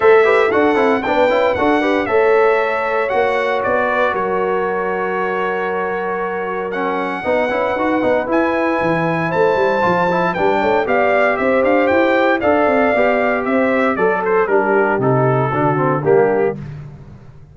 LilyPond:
<<
  \new Staff \with { instrumentName = "trumpet" } { \time 4/4 \tempo 4 = 116 e''4 fis''4 g''4 fis''4 | e''2 fis''4 d''4 | cis''1~ | cis''4 fis''2. |
gis''2 a''2 | g''4 f''4 e''8 f''8 g''4 | f''2 e''4 d''8 c''8 | ais'4 a'2 g'4 | }
  \new Staff \with { instrumentName = "horn" } { \time 4/4 c''8 b'8 a'4 b'4 a'8 b'8 | cis''2.~ cis''8 b'8 | ais'1~ | ais'2 b'2~ |
b'2 c''2 | b'8 cis''8 d''4 c''2 | d''2 c''4 a'4 | g'2 fis'4 d'4 | }
  \new Staff \with { instrumentName = "trombone" } { \time 4/4 a'8 g'8 fis'8 e'8 d'8 e'8 fis'8 g'8 | a'2 fis'2~ | fis'1~ | fis'4 cis'4 dis'8 e'8 fis'8 dis'8 |
e'2. f'8 e'8 | d'4 g'2. | a'4 g'2 a'4 | d'4 dis'4 d'8 c'8 ais4 | }
  \new Staff \with { instrumentName = "tuba" } { \time 4/4 a4 d'8 c'8 b8 cis'8 d'4 | a2 ais4 b4 | fis1~ | fis2 b8 cis'8 dis'8 b8 |
e'4 e4 a8 g8 f4 | g8 a8 b4 c'8 d'8 e'4 | d'8 c'8 b4 c'4 fis4 | g4 c4 d4 g4 | }
>>